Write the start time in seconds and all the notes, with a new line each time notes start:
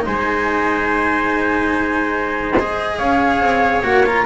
0.00 D#4 C5
0.06 G#3 G#5
2.56 G#4 D#5
2.97 C#4 C#5 F5
3.40 C4
3.83 A#3 F#4 F#5
4.06 F4 A#5